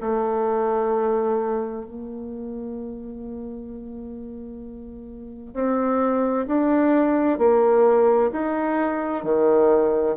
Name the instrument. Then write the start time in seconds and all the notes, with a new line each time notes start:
bassoon
0.00 A3
1.85 A#3
5.54 C4
6.47 D4
7.38 A#3
8.32 D#4
9.23 D#3